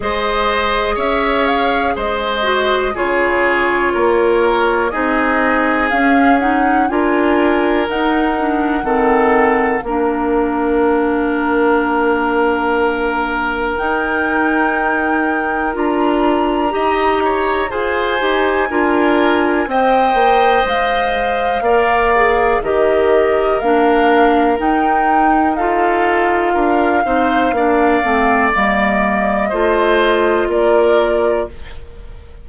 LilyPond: <<
  \new Staff \with { instrumentName = "flute" } { \time 4/4 \tempo 4 = 61 dis''4 e''8 f''8 dis''4 cis''4~ | cis''4 dis''4 f''8 fis''8 gis''4 | fis''2 f''2~ | f''2 g''2 |
ais''2 gis''2 | g''4 f''2 dis''4 | f''4 g''4 f''2~ | f''4 dis''2 d''4 | }
  \new Staff \with { instrumentName = "oboe" } { \time 4/4 c''4 cis''4 c''4 gis'4 | ais'4 gis'2 ais'4~ | ais'4 a'4 ais'2~ | ais'1~ |
ais'4 dis''8 cis''8 c''4 ais'4 | dis''2 d''4 ais'4~ | ais'2 a'4 ais'8 c''8 | d''2 c''4 ais'4 | }
  \new Staff \with { instrumentName = "clarinet" } { \time 4/4 gis'2~ gis'8 fis'8 f'4~ | f'4 dis'4 cis'8 dis'8 f'4 | dis'8 d'8 c'4 d'2~ | d'2 dis'2 |
f'4 g'4 gis'8 g'8 f'4 | c''2 ais'8 gis'8 g'4 | d'4 dis'4 f'4. dis'8 | d'8 c'8 ais4 f'2 | }
  \new Staff \with { instrumentName = "bassoon" } { \time 4/4 gis4 cis'4 gis4 cis4 | ais4 c'4 cis'4 d'4 | dis'4 dis4 ais2~ | ais2 dis'2 |
d'4 dis'4 f'8 dis'8 d'4 | c'8 ais8 gis4 ais4 dis4 | ais4 dis'2 d'8 c'8 | ais8 a8 g4 a4 ais4 | }
>>